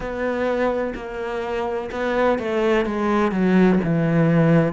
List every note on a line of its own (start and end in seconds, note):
0.00 0.93 B3
0.95 1.90 A#3
1.91 2.39 B3
2.39 2.85 A3
2.85 3.31 G#3
3.31 3.79 F#3
3.84 4.72 E3